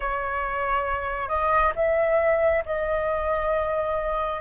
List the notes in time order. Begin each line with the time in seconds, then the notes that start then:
0.00 C#5
1.28 D#5
1.75 E5
2.65 D#5